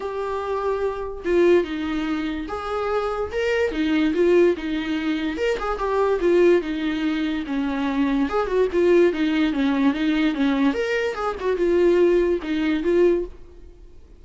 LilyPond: \new Staff \with { instrumentName = "viola" } { \time 4/4 \tempo 4 = 145 g'2. f'4 | dis'2 gis'2 | ais'4 dis'4 f'4 dis'4~ | dis'4 ais'8 gis'8 g'4 f'4 |
dis'2 cis'2 | gis'8 fis'8 f'4 dis'4 cis'4 | dis'4 cis'4 ais'4 gis'8 fis'8 | f'2 dis'4 f'4 | }